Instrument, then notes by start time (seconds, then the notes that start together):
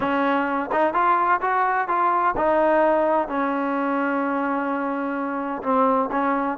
trombone
0.00 C#4
0.72 D#4
0.93 F4
1.41 F#4
1.88 F4
2.36 D#4
3.28 C#4
5.62 C4
6.11 C#4